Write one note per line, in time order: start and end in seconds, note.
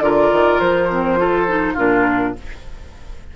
0.00 0.29 D3
0.00 0.89 F4
0.00 1.20 A#4
0.00 0.59 D5
0.32 0.60 D#3
0.59 1.76 F3
0.59 1.76 C5
0.90 1.17 C4
1.17 1.46 F4
1.17 1.73 A4
1.48 1.77 D#4
1.73 2.35 A#2
1.73 2.35 D4
1.73 2.32 F4
1.73 2.36 A#4